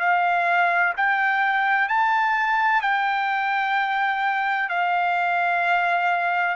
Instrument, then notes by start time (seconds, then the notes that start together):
trumpet
0.00 F5
0.97 G5
1.88 A5
2.82 G5
4.69 F5